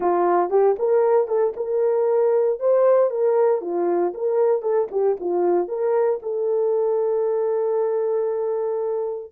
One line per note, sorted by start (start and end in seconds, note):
0.00 0.50 F4
0.50 0.75 G4
0.79 1.27 A#4
1.27 1.53 A4
1.56 2.59 A#4
2.59 3.10 C5
3.10 3.61 A#4
3.61 4.13 F4
4.14 4.62 A#4
4.62 4.87 A4
4.91 5.17 G4
5.20 5.68 F4
5.68 6.19 A#4
6.22 9.32 A4